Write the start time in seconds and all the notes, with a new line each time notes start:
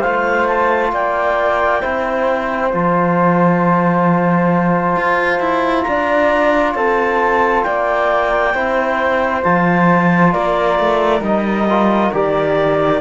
0.00 A3 F4 C5 F5
0.48 A5
0.93 A#3 D5 G5
1.82 C4 E4 C5
2.72 F3 F4 A5
4.97 F4
5.40 E4
5.83 D4 D5 A#5
6.75 C4 A4 A5
7.64 A#3 D5 G5
8.54 C4 E4 C5
9.44 F3 F4 A5
10.32 A#3 A#4 D5
10.80 A3
11.21 G3 D#4 D#5
11.70 F4
12.13 D#3 G4 D5